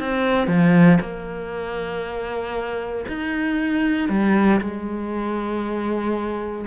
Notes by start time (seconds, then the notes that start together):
0.00 C4
0.48 F3
1.01 A#3
3.08 D#4
4.09 G3
4.61 G#3